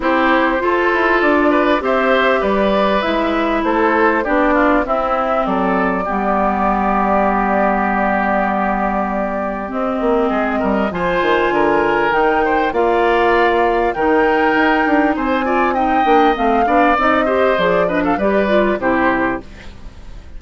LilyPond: <<
  \new Staff \with { instrumentName = "flute" } { \time 4/4 \tempo 4 = 99 c''2 d''4 e''4 | d''4 e''4 c''4 d''4 | e''4 d''2.~ | d''1 |
dis''2 gis''2 | g''4 f''2 g''4~ | g''4 gis''4 g''4 f''4 | dis''4 d''8 dis''16 f''16 d''4 c''4 | }
  \new Staff \with { instrumentName = "oboe" } { \time 4/4 g'4 a'4. b'8 c''4 | b'2 a'4 g'8 f'8 | e'4 a'4 g'2~ | g'1~ |
g'4 gis'8 ais'8 c''4 ais'4~ | ais'8 c''8 d''2 ais'4~ | ais'4 c''8 d''8 dis''4. d''8~ | d''8 c''4 b'16 a'16 b'4 g'4 | }
  \new Staff \with { instrumentName = "clarinet" } { \time 4/4 e'4 f'2 g'4~ | g'4 e'2 d'4 | c'2 b2~ | b1 |
c'2 f'2 | dis'4 f'2 dis'4~ | dis'4. f'8 dis'8 d'8 c'8 d'8 | dis'8 g'8 gis'8 d'8 g'8 f'8 e'4 | }
  \new Staff \with { instrumentName = "bassoon" } { \time 4/4 c'4 f'8 e'8 d'4 c'4 | g4 gis4 a4 b4 | c'4 fis4 g2~ | g1 |
c'8 ais8 gis8 g8 f8 dis8 d4 | dis4 ais2 dis4 | dis'8 d'8 c'4. ais8 a8 b8 | c'4 f4 g4 c4 | }
>>